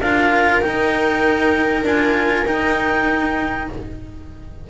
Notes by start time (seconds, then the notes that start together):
0.00 D4 F4 A#4 F5
0.61 D#4 G5
1.82 D4 F4 G#5
2.46 D#4 G5